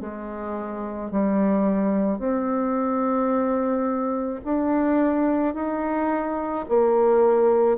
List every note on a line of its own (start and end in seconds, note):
0.00 1.11 G#3
1.11 2.18 G3
2.18 4.40 C4
4.44 5.54 D4
5.54 6.65 D#4
6.68 7.77 A#3